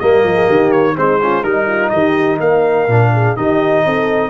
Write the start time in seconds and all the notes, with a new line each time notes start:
0.00 G3 A#3 A#4 D#5
0.24 F3
0.35 G#4
0.46 D#3 G4
0.72 C#5
0.96 G#3 C4 D#4 C5
1.22 C#4 F4
1.43 G3 D#4 A#4
1.69 F4
1.90 D#3 G4 D#5
2.41 A#3 A#4 F5
2.88 A#2 D4
3.14 G#4
3.37 D#3 D#4 G4 D#5
3.86 C4 A4